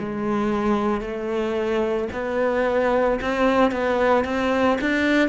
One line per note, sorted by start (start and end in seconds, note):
0.00 1.01 G#3
1.01 2.08 A3
2.13 3.20 B3
3.22 3.72 C4
3.72 4.25 B3
4.25 4.79 C4
4.82 5.29 D4